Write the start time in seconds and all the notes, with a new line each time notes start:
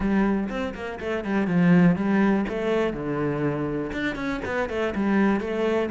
0.00 G3
0.49 C4
0.74 A#3
0.99 A3
1.24 G3
1.47 F3
1.95 G3
2.48 A3
2.93 D3
3.92 D4
4.15 C#4
4.45 B3
4.69 A3
4.95 G3
5.40 A3